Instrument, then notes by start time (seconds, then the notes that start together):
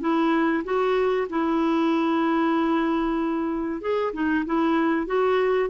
clarinet
0.00 E4
0.64 F#4
1.29 E4
3.81 G#4
4.13 D#4
4.45 E4
5.06 F#4